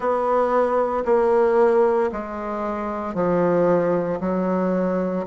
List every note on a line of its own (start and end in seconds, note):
0.00 1.03 B3
1.05 2.10 A#3
2.11 3.14 G#3
3.14 4.19 F3
4.20 5.25 F#3